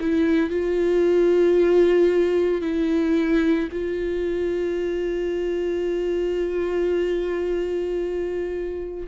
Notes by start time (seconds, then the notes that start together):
0.00 E4
0.50 F4
2.62 E4
3.72 F4